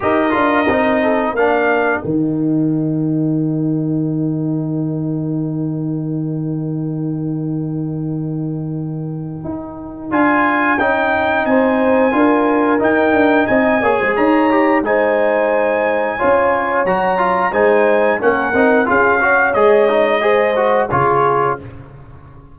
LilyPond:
<<
  \new Staff \with { instrumentName = "trumpet" } { \time 4/4 \tempo 4 = 89 dis''2 f''4 g''4~ | g''1~ | g''1~ | g''2. gis''4 |
g''4 gis''2 g''4 | gis''4 ais''4 gis''2~ | gis''4 ais''4 gis''4 fis''4 | f''4 dis''2 cis''4 | }
  \new Staff \with { instrumentName = "horn" } { \time 4/4 ais'4. a'8 ais'2~ | ais'1~ | ais'1~ | ais'1~ |
ais'4 c''4 ais'2 | dis''8 cis''16 c''16 cis''4 c''2 | cis''2 c''4 ais'4 | gis'8 cis''4. c''4 gis'4 | }
  \new Staff \with { instrumentName = "trombone" } { \time 4/4 g'8 f'8 dis'4 d'4 dis'4~ | dis'1~ | dis'1~ | dis'2. f'4 |
dis'2 f'4 dis'4~ | dis'8 gis'4 g'8 dis'2 | f'4 fis'8 f'8 dis'4 cis'8 dis'8 | f'8 fis'8 gis'8 dis'8 gis'8 fis'8 f'4 | }
  \new Staff \with { instrumentName = "tuba" } { \time 4/4 dis'8 d'8 c'4 ais4 dis4~ | dis1~ | dis1~ | dis2 dis'4 d'4 |
cis'4 c'4 d'4 dis'8 d'8 | c'8 ais16 gis16 dis'4 gis2 | cis'4 fis4 gis4 ais8 c'8 | cis'4 gis2 cis4 | }
>>